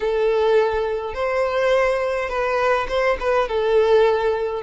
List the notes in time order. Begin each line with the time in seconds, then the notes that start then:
0.00 A4
1.14 C5
2.29 B4
2.88 C5
3.20 B4
3.48 A4